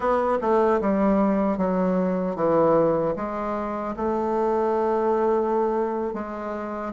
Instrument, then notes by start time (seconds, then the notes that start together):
bassoon
0.00 B3
0.41 A3
0.81 G3
1.57 F#3
2.35 E3
3.16 G#3
3.96 A3
6.13 G#3